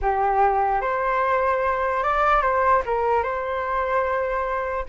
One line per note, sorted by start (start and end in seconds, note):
0.01 0.81 G4
0.81 2.03 C5
2.03 2.42 D5
2.42 2.82 C5
2.85 3.23 A#4
3.23 4.85 C5